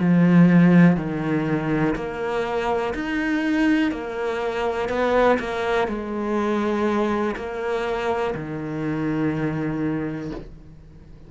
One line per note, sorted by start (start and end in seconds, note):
0.00 0.97 F3
0.97 1.95 D#3
1.95 2.94 A#3
2.94 3.92 D#4
3.92 4.89 A#3
4.89 5.38 B3
5.40 5.88 A#3
5.88 7.35 G#3
7.36 8.34 A#3
8.34 10.31 D#3